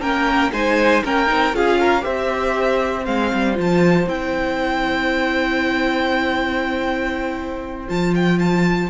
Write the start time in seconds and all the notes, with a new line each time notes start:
0.00 A#3 C#4 A#4 G5
0.53 G#3 D#4 C5 G#5
1.04 A#3 C#4 A#4 G5
1.27 C4 D#4
1.53 C#4 F4 G#4 F5
1.80 A#4
2.01 C4 G4 C5 E5
3.05 G#3 C4 F5
3.33 G3
3.55 F3 F4
3.61 A5
4.06 C4 E4 G5
7.89 F3 F4 A5
8.15 G5
8.39 A5